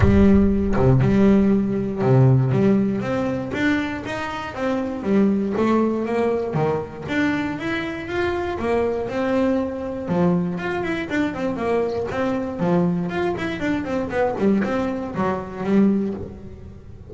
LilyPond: \new Staff \with { instrumentName = "double bass" } { \time 4/4 \tempo 4 = 119 g4. c8 g2 | c4 g4 c'4 d'4 | dis'4 c'4 g4 a4 | ais4 dis4 d'4 e'4 |
f'4 ais4 c'2 | f4 f'8 e'8 d'8 c'8 ais4 | c'4 f4 f'8 e'8 d'8 c'8 | b8 g8 c'4 fis4 g4 | }